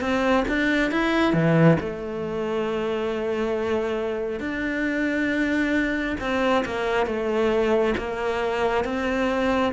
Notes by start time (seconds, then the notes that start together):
0.00 C4
0.48 D4
0.91 E4
1.33 E3
1.79 A3
4.40 D4
6.20 C4
6.65 A#3
7.06 A3
7.97 A#3
8.84 C4